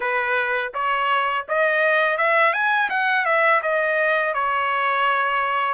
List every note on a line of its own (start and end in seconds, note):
0.00 0.72 B4
0.74 1.46 C#5
1.48 2.17 D#5
2.17 2.53 E5
2.53 2.89 G#5
2.89 3.25 F#5
3.25 3.61 E5
3.62 4.33 D#5
4.33 5.74 C#5